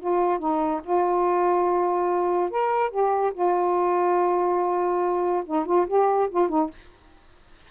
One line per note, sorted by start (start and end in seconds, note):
0.00 0.39 F4
0.39 0.81 D#4
0.84 2.51 F4
2.51 2.91 A#4
2.91 3.33 G4
3.34 5.44 F4
5.46 5.66 D#4
5.66 5.87 F4
5.88 6.30 G4
6.30 6.49 F4
6.49 6.70 D#4